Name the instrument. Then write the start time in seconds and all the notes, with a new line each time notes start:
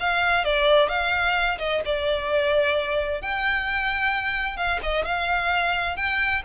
violin
0.00 F5
0.44 D5
0.89 F5
1.59 D#5
1.85 D5
3.22 G5
4.57 F5
4.83 D#5
5.05 F5
5.96 G5